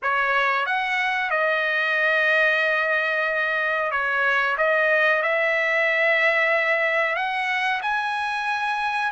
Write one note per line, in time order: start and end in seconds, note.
0.02 0.66 C#5
0.66 1.30 F#5
1.30 3.91 D#5
3.91 4.56 C#5
4.57 5.22 D#5
5.22 7.15 E5
7.15 7.81 F#5
7.82 9.11 G#5